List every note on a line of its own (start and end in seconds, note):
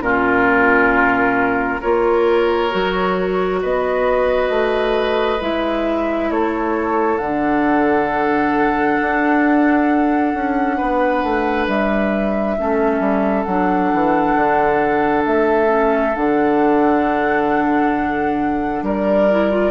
0.00 1.79 A#2
0.00 1.80 C#4
0.00 1.80 F4
0.00 1.81 A#4
1.80 2.74 A#3
1.80 2.70 F4
1.80 3.60 A#4
1.80 3.60 C#5
2.70 3.63 F#3
2.70 5.38 F#4
3.61 4.49 B3
3.61 6.30 B4
3.61 5.41 D#5
4.49 5.38 A3
5.40 6.30 G#3
5.40 7.19 E4
5.40 6.31 E5
6.30 7.19 A3
6.30 10.76 A4
6.30 7.17 C#5
7.17 8.98 D3
7.17 12.58 D4
7.17 11.65 F#5
9.01 10.34 D4
10.34 10.79 C#4
10.76 11.23 B3
10.76 12.56 B4
11.23 11.67 A3
11.67 12.57 G3
11.67 13.43 E5
12.58 12.99 A3
12.58 13.47 C#4
12.58 18.84 A4
12.99 13.44 G3
13.43 13.91 F#3
13.43 15.66 D4
13.43 15.22 F#5
13.93 14.35 E3
14.35 15.24 D3
15.25 16.15 A3
15.25 16.15 E5
15.66 16.11 C#4
16.15 18.82 D3
16.15 19.29 D4
16.15 18.84 F#5
18.82 19.70 G3
18.82 19.70 A#4
18.82 19.70 D5
19.30 19.50 E4
19.50 19.70 F4